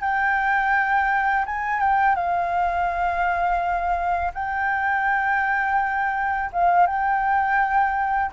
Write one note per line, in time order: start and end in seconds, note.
0.00 1.45 G5
1.45 1.79 G#5
1.79 2.15 G5
2.15 4.32 F5
4.33 6.50 G5
6.52 6.86 F5
6.86 8.31 G5